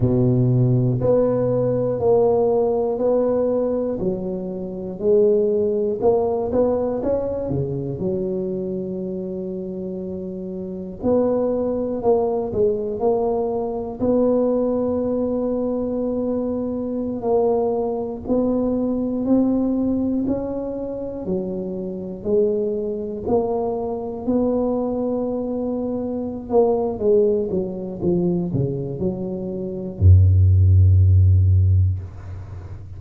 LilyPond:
\new Staff \with { instrumentName = "tuba" } { \time 4/4 \tempo 4 = 60 b,4 b4 ais4 b4 | fis4 gis4 ais8 b8 cis'8 cis8 | fis2. b4 | ais8 gis8 ais4 b2~ |
b4~ b16 ais4 b4 c'8.~ | c'16 cis'4 fis4 gis4 ais8.~ | ais16 b2~ b16 ais8 gis8 fis8 | f8 cis8 fis4 fis,2 | }